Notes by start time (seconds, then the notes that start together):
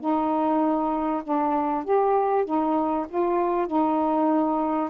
0.00 D#4
1.23 D4
1.84 G4
2.45 D#4
3.09 F4
3.67 D#4